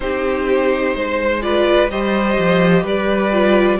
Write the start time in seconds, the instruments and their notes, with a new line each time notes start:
0.00 cello C4, viola D#4, violin G4 C5
0.94 cello G#3, violin C5
1.41 viola F4, violin B4 D5
1.90 cello G3, viola G4, violin C5 D#5
2.38 cello F3
2.83 cello G3, violin B4 D5
3.32 viola F4